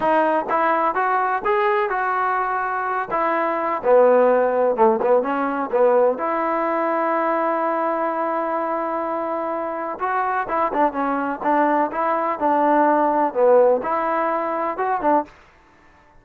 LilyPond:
\new Staff \with { instrumentName = "trombone" } { \time 4/4 \tempo 4 = 126 dis'4 e'4 fis'4 gis'4 | fis'2~ fis'8 e'4. | b2 a8 b8 cis'4 | b4 e'2.~ |
e'1~ | e'4 fis'4 e'8 d'8 cis'4 | d'4 e'4 d'2 | b4 e'2 fis'8 d'8 | }